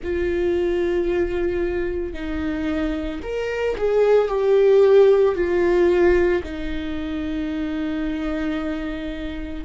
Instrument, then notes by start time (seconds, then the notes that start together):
viola
0.03 F4
2.13 D#4
3.22 A#4
3.77 G#4
4.28 G4
5.35 F4
6.43 D#4